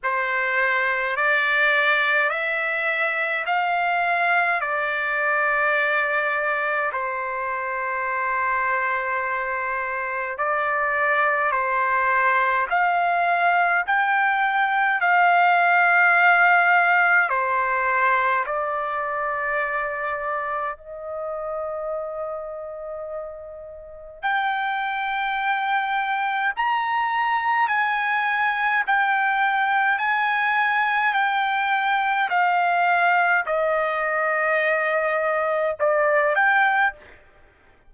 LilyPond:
\new Staff \with { instrumentName = "trumpet" } { \time 4/4 \tempo 4 = 52 c''4 d''4 e''4 f''4 | d''2 c''2~ | c''4 d''4 c''4 f''4 | g''4 f''2 c''4 |
d''2 dis''2~ | dis''4 g''2 ais''4 | gis''4 g''4 gis''4 g''4 | f''4 dis''2 d''8 g''8 | }